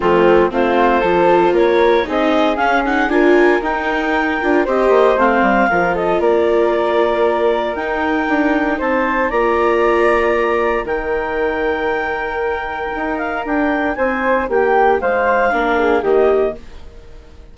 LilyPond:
<<
  \new Staff \with { instrumentName = "clarinet" } { \time 4/4 \tempo 4 = 116 f'4 c''2 cis''4 | dis''4 f''8 fis''8 gis''4 g''4~ | g''4 dis''4 f''4. dis''8 | d''2. g''4~ |
g''4 a''4 ais''2~ | ais''4 g''2.~ | g''4. f''8 g''4 gis''4 | g''4 f''2 dis''4 | }
  \new Staff \with { instrumentName = "flute" } { \time 4/4 c'4 f'4 a'4 ais'4 | gis'2 ais'2~ | ais'4 c''2 ais'8 a'8 | ais'1~ |
ais'4 c''4 d''2~ | d''4 ais'2.~ | ais'2. c''4 | g'4 c''4 ais'8 gis'8 g'4 | }
  \new Staff \with { instrumentName = "viola" } { \time 4/4 a4 c'4 f'2 | dis'4 cis'8 dis'8 f'4 dis'4~ | dis'8 f'8 g'4 c'4 f'4~ | f'2. dis'4~ |
dis'2 f'2~ | f'4 dis'2.~ | dis'1~ | dis'2 d'4 ais4 | }
  \new Staff \with { instrumentName = "bassoon" } { \time 4/4 f4 a4 f4 ais4 | c'4 cis'4 d'4 dis'4~ | dis'8 d'8 c'8 ais8 a8 g8 f4 | ais2. dis'4 |
d'4 c'4 ais2~ | ais4 dis2.~ | dis4 dis'4 d'4 c'4 | ais4 gis4 ais4 dis4 | }
>>